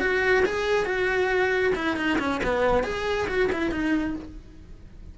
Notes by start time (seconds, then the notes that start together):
0.00 F#4
0.46 G#4
0.86 F#4
1.75 E4
1.97 D#4
2.19 C#4
2.44 B3
2.84 G#4
3.28 F#4
3.52 E4
3.72 D#4